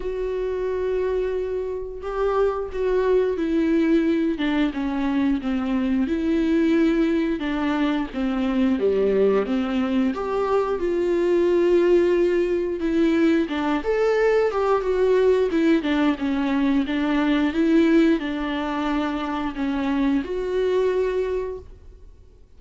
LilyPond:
\new Staff \with { instrumentName = "viola" } { \time 4/4 \tempo 4 = 89 fis'2. g'4 | fis'4 e'4. d'8 cis'4 | c'4 e'2 d'4 | c'4 g4 c'4 g'4 |
f'2. e'4 | d'8 a'4 g'8 fis'4 e'8 d'8 | cis'4 d'4 e'4 d'4~ | d'4 cis'4 fis'2 | }